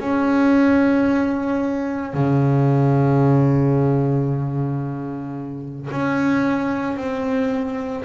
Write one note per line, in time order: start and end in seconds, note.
0.00 2.13 C#4
2.13 5.88 C#3
5.90 6.97 C#4
6.97 8.04 C4